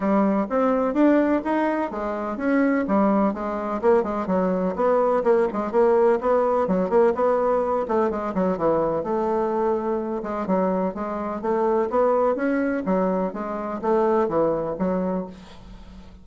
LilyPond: \new Staff \with { instrumentName = "bassoon" } { \time 4/4 \tempo 4 = 126 g4 c'4 d'4 dis'4 | gis4 cis'4 g4 gis4 | ais8 gis8 fis4 b4 ais8 gis8 | ais4 b4 fis8 ais8 b4~ |
b8 a8 gis8 fis8 e4 a4~ | a4. gis8 fis4 gis4 | a4 b4 cis'4 fis4 | gis4 a4 e4 fis4 | }